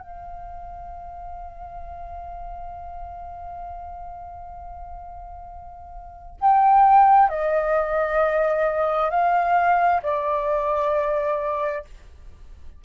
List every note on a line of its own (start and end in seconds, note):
0.00 6.36 F5
6.41 7.29 G5
7.29 9.10 D#5
9.10 10.01 F5
10.03 11.85 D5